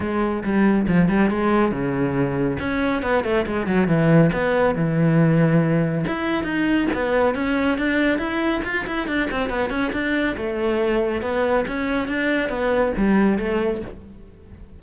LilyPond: \new Staff \with { instrumentName = "cello" } { \time 4/4 \tempo 4 = 139 gis4 g4 f8 g8 gis4 | cis2 cis'4 b8 a8 | gis8 fis8 e4 b4 e4~ | e2 e'4 dis'4 |
b4 cis'4 d'4 e'4 | f'8 e'8 d'8 c'8 b8 cis'8 d'4 | a2 b4 cis'4 | d'4 b4 g4 a4 | }